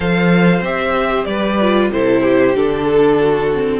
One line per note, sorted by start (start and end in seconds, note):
0.00 0.61 F3
0.00 0.62 A4
0.00 1.26 C5
0.00 0.63 F5
0.61 1.24 C4
0.61 1.59 G4
0.61 1.24 E5
1.24 1.90 G3
1.24 1.91 B4
1.24 1.88 D5
1.61 1.92 F4
1.92 2.55 C3
1.92 2.55 E4
1.92 2.22 A4
1.92 2.56 C5
2.22 2.85 G4
2.55 3.79 D3
2.55 3.51 D4
2.55 3.79 A4
2.85 3.17 A4
3.20 3.79 F#4
3.54 3.79 C4